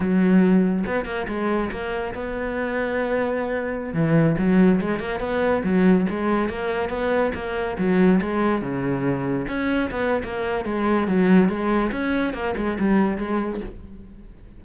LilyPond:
\new Staff \with { instrumentName = "cello" } { \time 4/4 \tempo 4 = 141 fis2 b8 ais8 gis4 | ais4 b2.~ | b4~ b16 e4 fis4 gis8 ais16~ | ais16 b4 fis4 gis4 ais8.~ |
ais16 b4 ais4 fis4 gis8.~ | gis16 cis2 cis'4 b8. | ais4 gis4 fis4 gis4 | cis'4 ais8 gis8 g4 gis4 | }